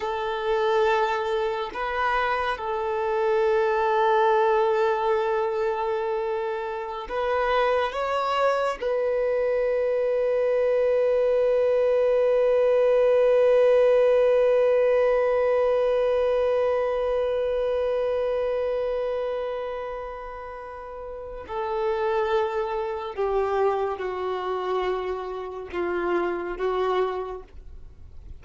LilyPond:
\new Staff \with { instrumentName = "violin" } { \time 4/4 \tempo 4 = 70 a'2 b'4 a'4~ | a'1~ | a'16 b'4 cis''4 b'4.~ b'16~ | b'1~ |
b'1~ | b'1~ | b'4 a'2 g'4 | fis'2 f'4 fis'4 | }